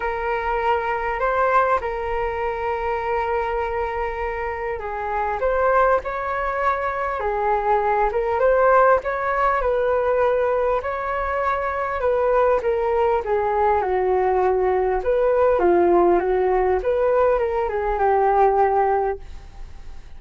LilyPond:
\new Staff \with { instrumentName = "flute" } { \time 4/4 \tempo 4 = 100 ais'2 c''4 ais'4~ | ais'1 | gis'4 c''4 cis''2 | gis'4. ais'8 c''4 cis''4 |
b'2 cis''2 | b'4 ais'4 gis'4 fis'4~ | fis'4 b'4 f'4 fis'4 | b'4 ais'8 gis'8 g'2 | }